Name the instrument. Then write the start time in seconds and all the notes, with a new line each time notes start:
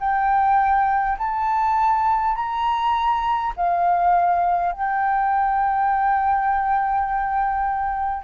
flute
0.00 G5
1.18 A5
2.35 A#5
3.56 F5
4.73 G5